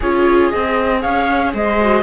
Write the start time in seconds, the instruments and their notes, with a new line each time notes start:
0.00 cello C#4, viola F4 G#4, flute C#5
0.49 cello C4, viola G#4, flute D#5
1.01 cello C#4, viola C#5, flute F5
1.53 cello G#3, viola C5, flute D#5
1.80 viola F#4